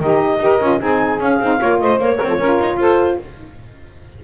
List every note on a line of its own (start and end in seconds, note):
0.00 0.39 D#3
0.00 0.41 D#4
0.00 0.42 G4
0.00 0.81 D#5
0.39 0.59 D#4
0.39 0.61 G4
0.39 0.82 A#4
0.61 0.81 C#4
0.61 0.80 F4
0.80 1.20 C4
0.80 1.20 D#4
0.80 1.59 G#4
0.80 1.21 G#5
1.20 1.40 C#4
1.20 1.80 F5
1.40 1.60 C4
1.40 1.60 D#4
1.59 1.82 A#3
1.59 1.98 F4
1.59 1.79 C#5
1.80 2.00 A3
1.80 2.18 C5
1.80 2.00 D#5
1.98 2.18 A#3
1.98 2.20 A#3
1.98 2.79 C#5
2.18 2.39 C4
2.18 2.28 A#4
2.24 2.44 F3
2.24 2.39 A4
2.39 2.59 C#4
2.39 3.24 F4
2.39 2.79 A#4
2.61 2.77 D#4
2.77 3.17 F4
2.77 3.20 A4
2.77 3.19 C5